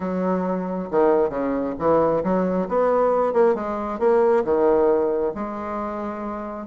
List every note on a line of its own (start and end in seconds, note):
0.00 0.89 F#3
0.90 1.29 D#3
1.29 1.74 C#3
1.78 2.23 E3
2.23 2.68 F#3
2.68 3.33 B3
3.33 3.54 A#3
3.54 3.99 G#3
3.99 4.43 A#3
4.44 5.33 D#3
5.34 6.66 G#3